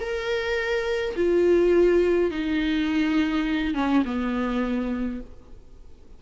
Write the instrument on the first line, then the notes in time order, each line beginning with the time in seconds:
viola
0.00 A#4
1.16 F4
2.31 D#4
3.74 C#4
4.05 B3